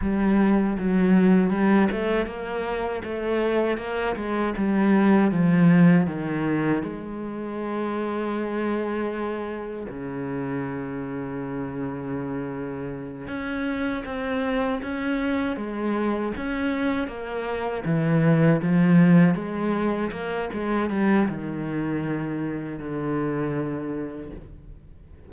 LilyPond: \new Staff \with { instrumentName = "cello" } { \time 4/4 \tempo 4 = 79 g4 fis4 g8 a8 ais4 | a4 ais8 gis8 g4 f4 | dis4 gis2.~ | gis4 cis2.~ |
cis4. cis'4 c'4 cis'8~ | cis'8 gis4 cis'4 ais4 e8~ | e8 f4 gis4 ais8 gis8 g8 | dis2 d2 | }